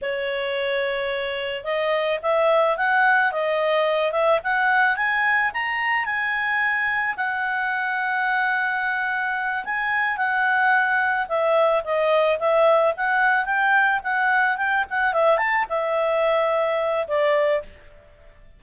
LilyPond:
\new Staff \with { instrumentName = "clarinet" } { \time 4/4 \tempo 4 = 109 cis''2. dis''4 | e''4 fis''4 dis''4. e''8 | fis''4 gis''4 ais''4 gis''4~ | gis''4 fis''2.~ |
fis''4. gis''4 fis''4.~ | fis''8 e''4 dis''4 e''4 fis''8~ | fis''8 g''4 fis''4 g''8 fis''8 e''8 | a''8 e''2~ e''8 d''4 | }